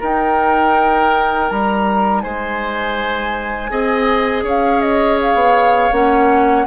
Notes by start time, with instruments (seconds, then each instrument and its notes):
0.00 clarinet D#4, bassoon D#4, oboe A#4, flute G5
1.50 bassoon G3, flute A#5
2.21 bassoon G#3, oboe C5, flute G#5
3.70 bassoon C4, clarinet G#4, oboe D#5
4.44 bassoon C#4, oboe C#5, flute F5
4.81 flute D#5
5.22 flute F5
5.35 bassoon B3
5.92 bassoon A#3, clarinet C#4, flute F#5